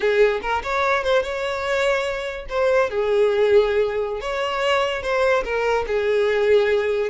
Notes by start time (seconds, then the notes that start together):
0.00 G#4
0.41 A#4
0.63 C#5
1.03 C5
1.22 C#5
2.49 C5
2.90 G#4
4.20 C#5
5.02 C5
5.44 A#4
5.87 G#4